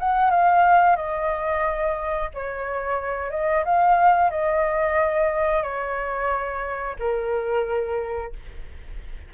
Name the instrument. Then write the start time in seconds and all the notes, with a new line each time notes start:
flute
0.00 F#5
0.31 F5
0.97 D#5
2.34 C#5
3.31 D#5
3.65 F5
4.31 D#5
5.63 C#5
7.00 A#4